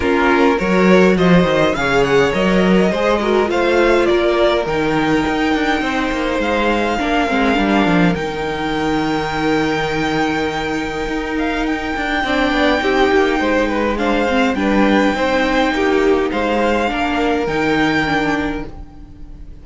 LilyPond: <<
  \new Staff \with { instrumentName = "violin" } { \time 4/4 \tempo 4 = 103 ais'4 cis''4 dis''4 f''8 fis''8 | dis''2 f''4 d''4 | g''2. f''4~ | f''2 g''2~ |
g''2.~ g''8 f''8 | g''1 | f''4 g''2. | f''2 g''2 | }
  \new Staff \with { instrumentName = "violin" } { \time 4/4 f'4 ais'4 c''4 cis''4~ | cis''4 c''8 ais'8 c''4 ais'4~ | ais'2 c''2 | ais'1~ |
ais'1~ | ais'4 d''4 g'4 c''8 b'8 | c''4 b'4 c''4 g'4 | c''4 ais'2. | }
  \new Staff \with { instrumentName = "viola" } { \time 4/4 cis'4 fis'2 gis'4 | ais'4 gis'8 fis'8 f'2 | dis'1 | d'8 c'8 d'4 dis'2~ |
dis'1~ | dis'4 d'4 dis'2 | d'8 c'8 d'4 dis'2~ | dis'4 d'4 dis'4 d'4 | }
  \new Staff \with { instrumentName = "cello" } { \time 4/4 ais4 fis4 f8 dis8 cis4 | fis4 gis4 a4 ais4 | dis4 dis'8 d'8 c'8 ais8 gis4 | ais8 gis8 g8 f8 dis2~ |
dis2. dis'4~ | dis'8 d'8 c'8 b8 c'8 ais8 gis4~ | gis4 g4 c'4 ais4 | gis4 ais4 dis2 | }
>>